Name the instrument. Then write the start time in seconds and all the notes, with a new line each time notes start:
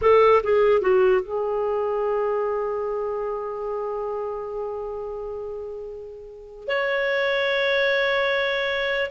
clarinet
0.01 A4
0.43 G#4
0.81 F#4
1.22 G#4
6.67 C#5